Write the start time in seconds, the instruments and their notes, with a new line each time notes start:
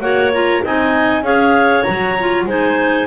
0.00 double bass A#3, clarinet F#4 C#5 F#5
0.33 clarinet F4 A#5
0.64 double bass C4, clarinet D#4 D#5 G#5
1.22 double bass C#4, clarinet G#4 C#5 F5
1.83 double bass F#3, clarinet F#4 A#5
2.19 clarinet F4
2.45 double bass G#3, clarinet D#4 C5 G#5